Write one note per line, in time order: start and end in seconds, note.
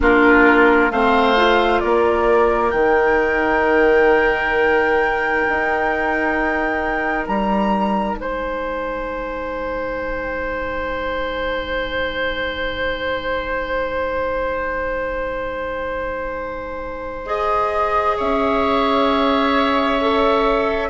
0.00 0.90 A#3
0.00 0.91 D4
0.00 0.92 F4
0.00 0.91 A#4
0.90 1.81 A3
0.90 1.36 C4
0.90 1.82 C5
0.90 1.80 F5
1.36 2.72 F4
1.80 2.73 A#3
1.80 8.18 A#4
1.80 2.70 D5
2.70 5.45 D#3
2.70 17.26 D#4
2.70 7.25 G5
5.48 7.27 D#4
7.27 8.16 G3
7.27 8.17 A#5
8.16 18.16 G#3
8.16 18.16 C5
8.16 17.26 G#5
17.26 19.98 G#4
17.26 18.16 D#5
18.16 20.90 C#4
18.16 20.89 C#5
18.16 20.90 E5
20.00 20.90 A4